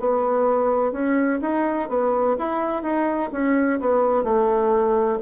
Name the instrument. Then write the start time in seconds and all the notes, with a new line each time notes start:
bassoon
0.00 B3
0.93 C#4
1.42 D#4
1.89 B3
2.39 E4
2.83 D#4
3.32 C#4
3.81 B3
4.24 A3